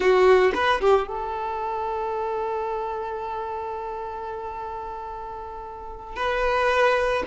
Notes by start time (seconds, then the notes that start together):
0.00 F#4
0.54 B4
0.80 G4
1.07 A4
6.16 B4